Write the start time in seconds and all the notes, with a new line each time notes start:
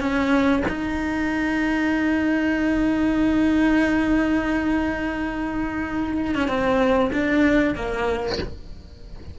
0.00 C#4
0.68 D#4
6.35 C#4
6.48 C4
7.13 D4
7.75 A#3